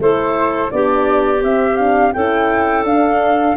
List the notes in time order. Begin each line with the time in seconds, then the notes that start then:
0.00 A3 E4 A4 C5
0.71 B3 D4 G4 D5
1.40 C4 E5
1.77 D4 F5
2.14 C#4 E4 A4 G5
2.84 D4 F5